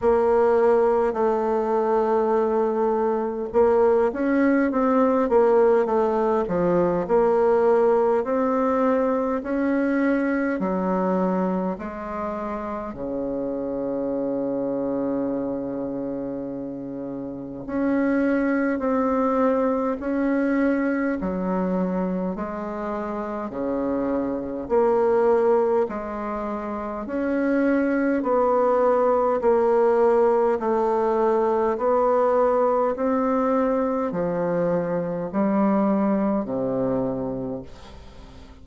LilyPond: \new Staff \with { instrumentName = "bassoon" } { \time 4/4 \tempo 4 = 51 ais4 a2 ais8 cis'8 | c'8 ais8 a8 f8 ais4 c'4 | cis'4 fis4 gis4 cis4~ | cis2. cis'4 |
c'4 cis'4 fis4 gis4 | cis4 ais4 gis4 cis'4 | b4 ais4 a4 b4 | c'4 f4 g4 c4 | }